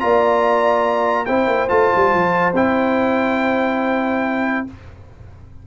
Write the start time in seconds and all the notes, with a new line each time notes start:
0.00 A#3 F4 D5 A#5
1.26 C4 E4 C5 G5
1.48 A#3
1.69 A3 F4 A5
1.96 G3
2.14 F3
2.54 C4 E4 G5